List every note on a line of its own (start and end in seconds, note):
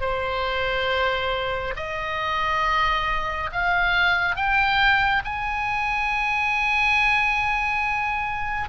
0.00 1.74 C5
1.76 3.50 D#5
3.52 4.35 F5
4.35 5.22 G5
5.24 8.69 G#5